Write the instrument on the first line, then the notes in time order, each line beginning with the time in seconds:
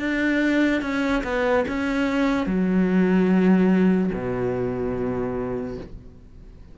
cello
0.00 D4
0.82 C#4
1.24 B3
1.68 C#4
2.47 F#3
4.14 B2